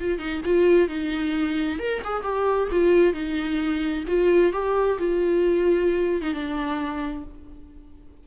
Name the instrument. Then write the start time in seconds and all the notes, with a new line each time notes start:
viola
0.00 F4
0.19 D#4
0.45 F4
0.88 D#4
1.79 A#4
2.04 G#4
2.23 G4
2.71 F4
3.13 D#4
4.07 F4
4.53 G4
4.99 F4
6.22 D#4
6.33 D4